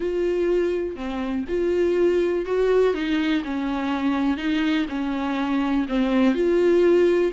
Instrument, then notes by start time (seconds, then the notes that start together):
viola
0.00 F4
0.96 C4
1.48 F4
2.45 F#4
2.94 D#4
3.44 C#4
4.37 D#4
4.88 C#4
5.88 C4
6.34 F4